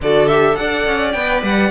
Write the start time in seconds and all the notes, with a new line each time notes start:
0.01 D3 F#4 A4 D5
0.27 G4 E5
0.55 D4 A4 D5 F#5
0.86 C#4
1.11 B3 B4 G5
1.42 G3 F#5